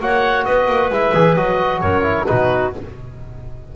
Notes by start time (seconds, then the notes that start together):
0.00 A#3 F#4 C#5 F#5
0.45 B3 B4 D#5
0.66 A#3
0.89 G#3 E4 E5
1.14 E3 G#4
1.35 F#3 F#4 D#5
1.80 F#2 A#4 C#5
2.02 E4
2.26 B2 D#4 F#4 B4